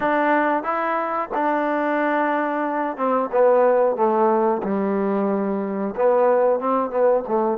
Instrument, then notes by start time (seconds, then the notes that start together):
trombone
0.00 D4
0.63 E4
1.34 D4
2.96 C4
3.31 B3
3.96 A3
4.63 G3
5.96 B3
6.59 C4
6.90 B3
7.27 A3